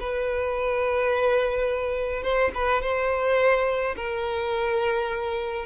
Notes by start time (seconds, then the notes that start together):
0.00 B4
2.23 C5
2.54 B4
2.82 C5
3.96 A#4